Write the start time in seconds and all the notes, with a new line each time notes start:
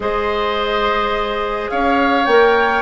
0.00 G#3 G#4 C5 D#5
1.69 C#4 C#5 F5
2.25 A#3 A#4 G5